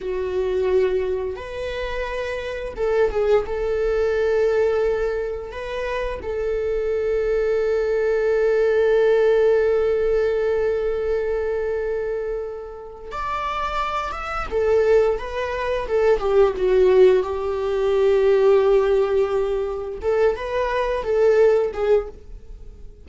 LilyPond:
\new Staff \with { instrumentName = "viola" } { \time 4/4 \tempo 4 = 87 fis'2 b'2 | a'8 gis'8 a'2. | b'4 a'2.~ | a'1~ |
a'2. d''4~ | d''8 e''8 a'4 b'4 a'8 g'8 | fis'4 g'2.~ | g'4 a'8 b'4 a'4 gis'8 | }